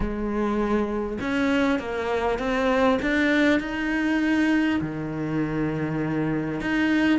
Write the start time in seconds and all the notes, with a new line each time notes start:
0.00 G#3
1.21 C#4
1.79 A#3
2.38 C4
3.02 D4
3.59 D#4
4.80 D#3
6.60 D#4